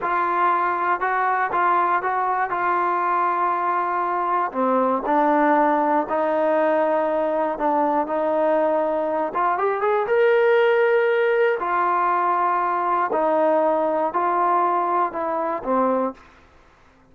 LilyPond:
\new Staff \with { instrumentName = "trombone" } { \time 4/4 \tempo 4 = 119 f'2 fis'4 f'4 | fis'4 f'2.~ | f'4 c'4 d'2 | dis'2. d'4 |
dis'2~ dis'8 f'8 g'8 gis'8 | ais'2. f'4~ | f'2 dis'2 | f'2 e'4 c'4 | }